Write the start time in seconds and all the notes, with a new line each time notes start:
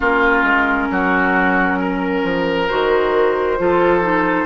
0.00 A#3 C#4 F4 A#4
0.43 G#3
0.90 F#3 F#4
1.79 A#4
2.23 F3
2.67 D#3 F#4 C5
3.57 F3 F4 A4
4.01 D#4